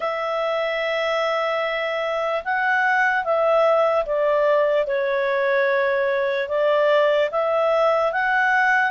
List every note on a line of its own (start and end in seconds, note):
0.00 2.43 E5
2.44 3.24 F#5
3.24 4.05 E5
4.05 4.86 D5
4.86 6.48 C#5
6.48 7.29 D5
7.31 8.12 E5
8.12 8.91 F#5